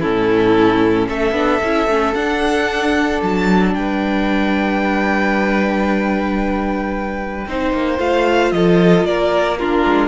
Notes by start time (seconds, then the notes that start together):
0.00 A2 C#4 E4 A4
1.08 A3 A4 E5
1.31 B3 D4
1.62 C#4 E4
1.86 A3 C#4
2.14 D4 F#5
3.22 F#3 A5
3.74 G3 B4 G5
7.47 C4 D#4 C5
7.73 A#3
7.98 A3 F4 F5
8.51 F3 A4 D#5
9.04 A#3 A#4 D5
9.58 D4 F4 A#4
9.86 G#3